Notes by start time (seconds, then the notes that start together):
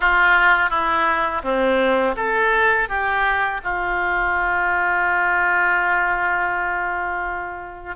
0.00 F4
0.69 E4
1.43 C4
2.16 A4
2.88 G4
3.63 F4